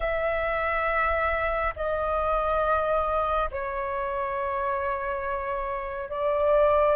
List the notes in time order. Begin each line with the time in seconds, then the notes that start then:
0.00 E5
1.76 D#5
3.51 C#5
6.09 D5